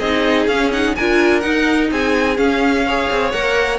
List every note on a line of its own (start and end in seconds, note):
0.00 0.47 C4
0.00 0.50 D#4
0.00 0.94 G#4
0.00 0.47 D#5
0.47 0.94 C#4
0.47 0.72 C#4
0.47 0.72 F5
0.72 0.96 D#4
0.72 0.96 F#5
0.96 1.44 D4
0.96 1.42 F4
0.96 1.91 A#4
0.96 1.41 G#5
1.41 2.37 D#4
1.41 1.91 D#4
1.41 1.88 F#5
1.91 2.38 C4
1.91 2.86 G#4
1.91 2.38 G#5
2.37 2.84 C#4
2.37 3.09 C#4
2.37 3.32 F5
2.86 3.33 G#4
2.86 3.79 C#5
3.10 3.34 C4
3.32 3.79 A#3
3.32 3.79 A#4
3.32 3.79 F#5